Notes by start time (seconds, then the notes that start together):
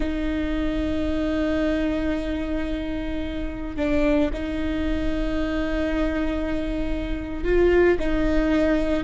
0.00 D#4
3.76 D4
4.33 D#4
7.44 F4
7.99 D#4